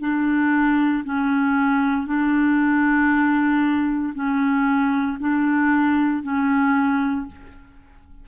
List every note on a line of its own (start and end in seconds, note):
0.00 1.03 D4
1.04 2.06 C#4
2.06 4.13 D4
4.14 5.18 C#4
5.20 6.23 D4
6.23 7.26 C#4